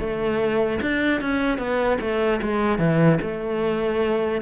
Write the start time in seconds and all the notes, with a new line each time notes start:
0.00 A3
0.82 D4
1.21 C#4
1.59 B3
2.01 A3
2.42 G#3
2.79 E3
3.21 A3